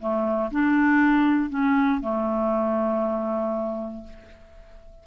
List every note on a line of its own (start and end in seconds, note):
0.00 0.51 A3
0.51 1.50 D4
1.50 2.01 C#4
2.01 4.04 A3